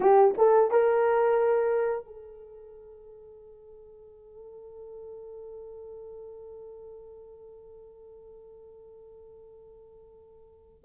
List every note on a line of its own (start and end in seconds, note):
0.00 0.34 G4
0.37 0.70 A4
0.70 2.05 A#4
2.05 10.84 A4